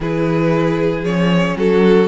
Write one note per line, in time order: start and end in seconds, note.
0.00 1.02 E3
0.00 1.05 E4
0.00 1.57 G#4
0.00 1.05 B4
1.02 1.54 F3
1.02 2.07 C#4
1.02 1.57 C#5
1.56 2.07 F#3
1.56 2.07 F#4
1.56 2.07 A4